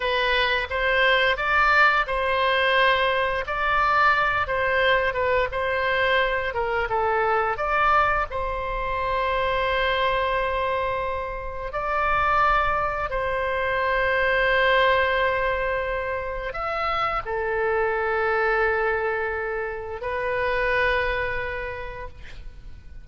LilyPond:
\new Staff \with { instrumentName = "oboe" } { \time 4/4 \tempo 4 = 87 b'4 c''4 d''4 c''4~ | c''4 d''4. c''4 b'8 | c''4. ais'8 a'4 d''4 | c''1~ |
c''4 d''2 c''4~ | c''1 | e''4 a'2.~ | a'4 b'2. | }